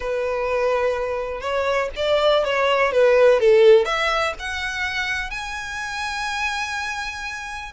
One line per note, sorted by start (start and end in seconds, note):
0.00 1.41 B4
1.41 1.89 C#5
1.96 2.44 D5
2.44 2.91 C#5
2.91 3.40 B4
3.40 3.85 A4
3.85 4.33 E5
4.39 5.30 F#5
5.30 7.72 G#5